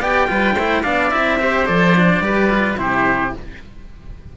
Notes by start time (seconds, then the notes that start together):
0.00 B3 G4 D5 G5
0.28 G3 F4 B4
0.55 A3 E4 C5
0.83 B3 D4 D5 F5
1.11 C4 E4 E5
1.39 G4 C5
1.66 F3 A4 D5
1.97 D4
2.20 G3 G4 B4
2.50 F4
2.77 C3 E4 G4 C5